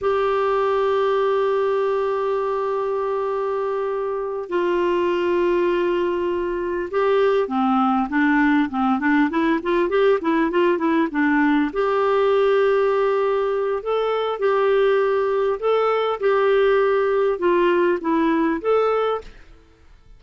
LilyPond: \new Staff \with { instrumentName = "clarinet" } { \time 4/4 \tempo 4 = 100 g'1~ | g'2.~ g'8 f'8~ | f'2.~ f'8 g'8~ | g'8 c'4 d'4 c'8 d'8 e'8 |
f'8 g'8 e'8 f'8 e'8 d'4 g'8~ | g'2. a'4 | g'2 a'4 g'4~ | g'4 f'4 e'4 a'4 | }